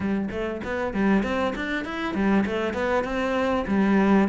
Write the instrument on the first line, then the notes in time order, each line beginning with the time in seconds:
cello
0.00 G3
0.30 A3
0.64 B3
0.93 G3
1.23 C4
1.55 D4
1.85 E4
2.14 G3
2.46 A3
2.73 B3
3.04 C4
3.67 G3